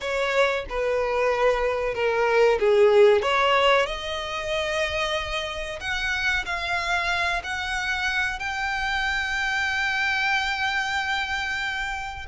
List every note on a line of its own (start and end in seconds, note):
0.00 0.65 C#5
0.69 1.94 B4
1.94 2.58 A#4
2.59 3.21 G#4
3.21 3.85 C#5
3.85 5.79 D#5
5.80 6.45 F#5
6.45 7.42 F5
7.43 8.39 F#5
8.39 12.26 G5